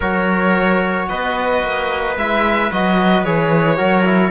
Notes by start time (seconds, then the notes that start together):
0.00 F#3 F#4 A#4 C#5
1.08 B3 B4 D#5
1.62 A#3
2.16 G#3 E4 E5
2.72 F#3 F#4 D#5
3.24 E3 G#4 C#5
3.76 F#3 F#4 A#4
4.04 E4